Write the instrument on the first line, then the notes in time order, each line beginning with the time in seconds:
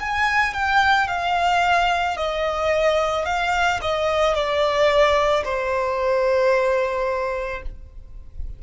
violin
0.00 G#5
0.54 G5
1.08 F5
2.17 D#5
3.25 F5
3.81 D#5
4.34 D5
5.44 C5